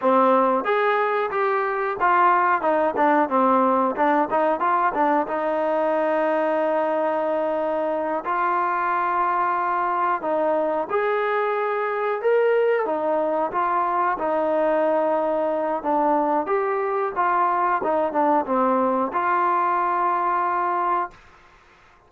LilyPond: \new Staff \with { instrumentName = "trombone" } { \time 4/4 \tempo 4 = 91 c'4 gis'4 g'4 f'4 | dis'8 d'8 c'4 d'8 dis'8 f'8 d'8 | dis'1~ | dis'8 f'2. dis'8~ |
dis'8 gis'2 ais'4 dis'8~ | dis'8 f'4 dis'2~ dis'8 | d'4 g'4 f'4 dis'8 d'8 | c'4 f'2. | }